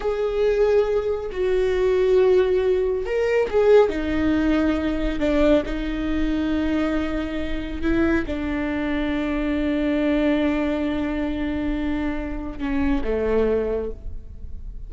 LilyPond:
\new Staff \with { instrumentName = "viola" } { \time 4/4 \tempo 4 = 138 gis'2. fis'4~ | fis'2. ais'4 | gis'4 dis'2. | d'4 dis'2.~ |
dis'2 e'4 d'4~ | d'1~ | d'1~ | d'4 cis'4 a2 | }